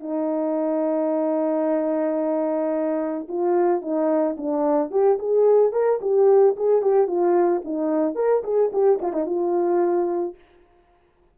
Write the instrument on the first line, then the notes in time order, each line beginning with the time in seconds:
horn
0.00 D#4
3.28 F4
3.82 D#4
4.37 D4
4.91 G4
5.19 G#4
5.72 A#4
6.01 G4
6.56 G#4
6.82 G4
7.07 F4
7.65 D#4
8.15 A#4
8.44 G#4
8.72 G4
9.01 F4
9.13 D#4
9.26 F4